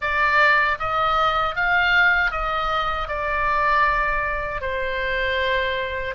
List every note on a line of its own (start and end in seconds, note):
0.01 0.78 D5
0.79 1.55 D#5
1.55 2.31 F5
2.31 3.08 D#5
3.08 4.61 D5
4.61 6.15 C5